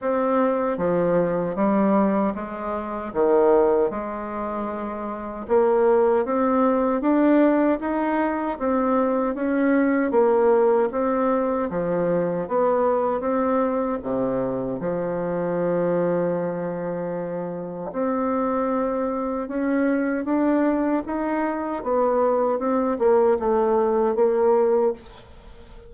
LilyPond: \new Staff \with { instrumentName = "bassoon" } { \time 4/4 \tempo 4 = 77 c'4 f4 g4 gis4 | dis4 gis2 ais4 | c'4 d'4 dis'4 c'4 | cis'4 ais4 c'4 f4 |
b4 c'4 c4 f4~ | f2. c'4~ | c'4 cis'4 d'4 dis'4 | b4 c'8 ais8 a4 ais4 | }